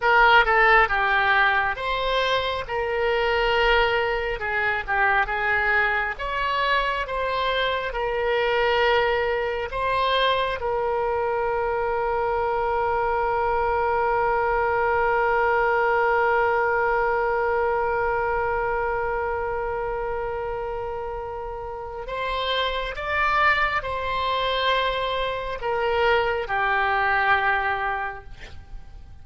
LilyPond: \new Staff \with { instrumentName = "oboe" } { \time 4/4 \tempo 4 = 68 ais'8 a'8 g'4 c''4 ais'4~ | ais'4 gis'8 g'8 gis'4 cis''4 | c''4 ais'2 c''4 | ais'1~ |
ais'1~ | ais'1~ | ais'4 c''4 d''4 c''4~ | c''4 ais'4 g'2 | }